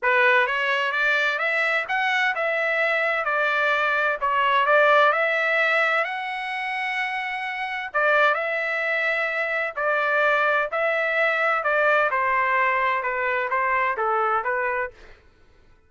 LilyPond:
\new Staff \with { instrumentName = "trumpet" } { \time 4/4 \tempo 4 = 129 b'4 cis''4 d''4 e''4 | fis''4 e''2 d''4~ | d''4 cis''4 d''4 e''4~ | e''4 fis''2.~ |
fis''4 d''4 e''2~ | e''4 d''2 e''4~ | e''4 d''4 c''2 | b'4 c''4 a'4 b'4 | }